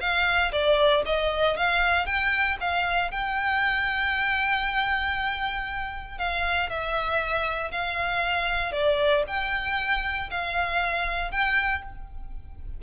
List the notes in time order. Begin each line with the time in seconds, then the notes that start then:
0.00 F5
0.52 D5
1.05 D#5
1.56 F5
2.06 G5
2.60 F5
3.11 G5
6.18 F5
6.69 E5
7.71 F5
8.72 D5
9.27 G5
10.30 F5
11.31 G5